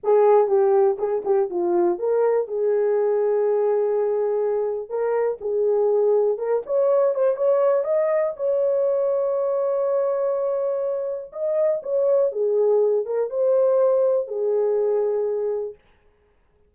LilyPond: \new Staff \with { instrumentName = "horn" } { \time 4/4 \tempo 4 = 122 gis'4 g'4 gis'8 g'8 f'4 | ais'4 gis'2.~ | gis'2 ais'4 gis'4~ | gis'4 ais'8 cis''4 c''8 cis''4 |
dis''4 cis''2.~ | cis''2. dis''4 | cis''4 gis'4. ais'8 c''4~ | c''4 gis'2. | }